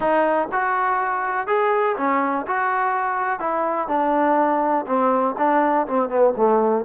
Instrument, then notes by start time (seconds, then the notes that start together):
trombone
0.00 D#4
0.51 F#4
1.47 G#4
1.97 C#4
2.46 F#4
3.39 E4
3.88 D4
4.86 C4
5.37 D4
5.87 C4
6.09 B3
6.36 A3